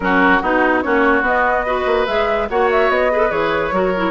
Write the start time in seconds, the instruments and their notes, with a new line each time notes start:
0.00 bassoon F#3, clarinet C#4, oboe F#4, flute A#4
0.39 bassoon B3, oboe D#4, clarinet D#4, flute F#4
0.82 bassoon A#3, clarinet C#4, oboe F#4, flute C#5
1.21 bassoon B3, clarinet B3, flute D#5
1.65 clarinet F#4, oboe B4
1.86 bassoon A#3
2.06 bassoon G#3, clarinet G#4, flute E5
2.49 bassoon A#3, clarinet F#4, oboe C#5, flute F#5
2.71 flute E5
2.89 bassoon B3, flute D#5
3.11 clarinet G#4, oboe B4
3.18 clarinet A4
3.29 bassoon E3, clarinet G#4, flute C#5
3.71 bassoon F#3, clarinet F#4, oboe A#4
3.96 clarinet E4